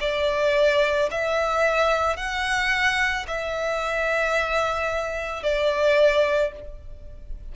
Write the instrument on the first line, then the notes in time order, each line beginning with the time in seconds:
violin
0.00 D5
1.11 E5
2.16 F#5
3.27 E5
5.43 D5